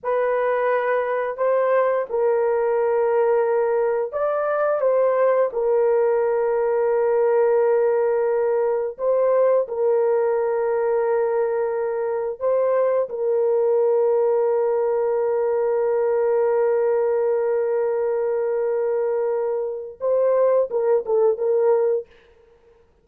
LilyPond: \new Staff \with { instrumentName = "horn" } { \time 4/4 \tempo 4 = 87 b'2 c''4 ais'4~ | ais'2 d''4 c''4 | ais'1~ | ais'4 c''4 ais'2~ |
ais'2 c''4 ais'4~ | ais'1~ | ais'1~ | ais'4 c''4 ais'8 a'8 ais'4 | }